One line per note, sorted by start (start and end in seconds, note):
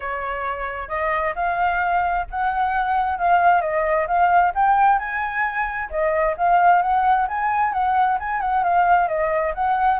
0.00 0.88 C#5
0.88 1.33 D#5
1.35 2.26 F5
2.30 3.18 F#5
3.18 3.61 F5
3.61 4.06 D#5
4.07 4.52 F5
4.55 4.99 G5
4.99 5.89 G#5
5.90 6.35 D#5
6.37 6.81 F5
6.81 7.27 F#5
7.27 7.73 G#5
7.73 8.18 F#5
8.19 8.40 G#5
8.40 8.63 F#5
8.63 9.08 F5
9.08 9.53 D#5
9.54 9.99 F#5